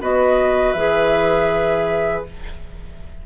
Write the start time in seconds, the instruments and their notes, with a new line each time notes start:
0.00 bassoon B3, clarinet F#4, oboe B4, flute D#5
0.73 bassoon E3, clarinet G#4, flute E5